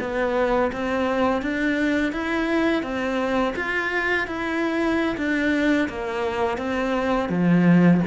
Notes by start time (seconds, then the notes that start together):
0.00 B3
0.72 C4
1.42 D4
2.12 E4
2.83 C4
3.56 F4
4.27 E4
5.17 D4
5.89 A#3
6.58 C4
7.30 F3